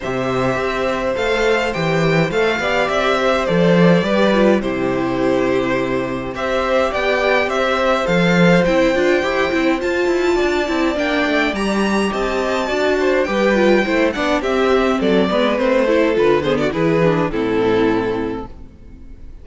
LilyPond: <<
  \new Staff \with { instrumentName = "violin" } { \time 4/4 \tempo 4 = 104 e''2 f''4 g''4 | f''4 e''4 d''2 | c''2. e''4 | g''4 e''4 f''4 g''4~ |
g''4 a''2 g''4 | ais''4 a''2 g''4~ | g''8 fis''8 e''4 d''4 c''4 | b'8 c''16 d''16 b'4 a'2 | }
  \new Staff \with { instrumentName = "violin" } { \time 4/4 c''1~ | c''8 d''4 c''4. b'4 | g'2. c''4 | d''4 c''2.~ |
c''2 d''2~ | d''4 dis''4 d''8 c''8 b'4 | c''8 d''8 g'4 a'8 b'4 a'8~ | a'8 gis'16 fis'16 gis'4 e'2 | }
  \new Staff \with { instrumentName = "viola" } { \time 4/4 g'2 a'4 g'4 | a'8 g'4. a'4 g'8 f'8 | e'2. g'4~ | g'2 a'4 e'8 f'8 |
g'8 e'8 f'4. e'8 d'4 | g'2 fis'4 g'8 f'8 | e'8 d'8 c'4. b8 c'8 e'8 | f'8 b8 e'8 d'8 c'2 | }
  \new Staff \with { instrumentName = "cello" } { \time 4/4 c4 c'4 a4 e4 | a8 b8 c'4 f4 g4 | c2. c'4 | b4 c'4 f4 c'8 d'8 |
e'8 c'8 f'8 e'8 d'8 c'8 ais8 a8 | g4 c'4 d'4 g4 | a8 b8 c'4 fis8 gis8 a4 | d4 e4 a,2 | }
>>